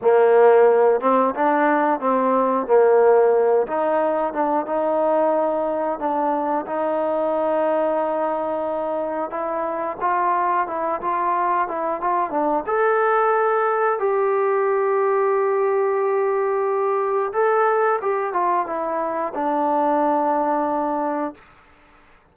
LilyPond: \new Staff \with { instrumentName = "trombone" } { \time 4/4 \tempo 4 = 90 ais4. c'8 d'4 c'4 | ais4. dis'4 d'8 dis'4~ | dis'4 d'4 dis'2~ | dis'2 e'4 f'4 |
e'8 f'4 e'8 f'8 d'8 a'4~ | a'4 g'2.~ | g'2 a'4 g'8 f'8 | e'4 d'2. | }